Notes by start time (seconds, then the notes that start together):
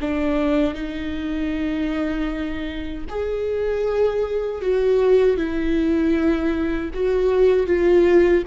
0.00 D4
0.74 D#4
3.09 G#4
4.61 F#4
5.36 E4
6.93 F#4
7.66 F4